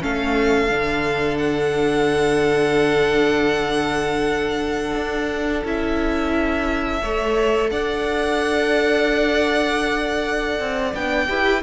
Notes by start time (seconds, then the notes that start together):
0.00 A3 C#4 A4 F5
0.69 D3 D4
1.37 F#5
4.94 D4
5.64 C#4 E4 E5
7.02 A3 A4 C#5
7.70 D4 D5 F#5
10.59 C4
10.93 B3 D4 G5
11.27 E4 G4 B4